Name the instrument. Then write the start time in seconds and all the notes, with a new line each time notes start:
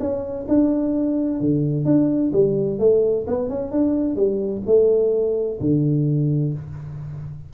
tuba
0.00 C#4
0.49 D4
1.40 D3
1.85 D4
2.33 G3
2.79 A3
3.27 B3
3.50 C#4
3.72 D4
4.16 G3
4.66 A3
5.60 D3